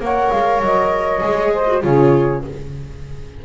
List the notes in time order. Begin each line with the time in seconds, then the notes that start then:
0.00 A#3 A#4 C#5 F#5
0.31 G#3 F5
0.61 F#3 D#5
1.20 G#3 G#4
1.53 C5
1.67 F#4
1.82 C#3 F4 G#4 C#5